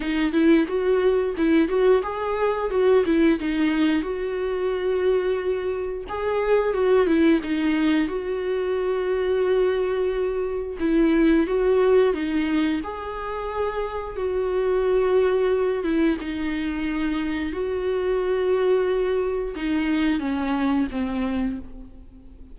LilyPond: \new Staff \with { instrumentName = "viola" } { \time 4/4 \tempo 4 = 89 dis'8 e'8 fis'4 e'8 fis'8 gis'4 | fis'8 e'8 dis'4 fis'2~ | fis'4 gis'4 fis'8 e'8 dis'4 | fis'1 |
e'4 fis'4 dis'4 gis'4~ | gis'4 fis'2~ fis'8 e'8 | dis'2 fis'2~ | fis'4 dis'4 cis'4 c'4 | }